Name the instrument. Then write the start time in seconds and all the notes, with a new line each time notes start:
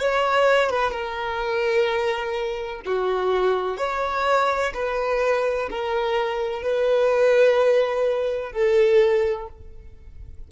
violin
0.00 C#5
0.70 B4
0.91 A#4
2.85 F#4
3.77 C#5
4.74 B4
5.70 A#4
6.62 B4
8.52 A4